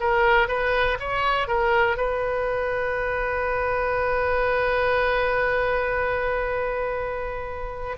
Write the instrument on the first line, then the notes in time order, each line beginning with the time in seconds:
oboe
0.00 A#4
0.48 B4
1.00 C#5
1.48 A#4
1.97 B4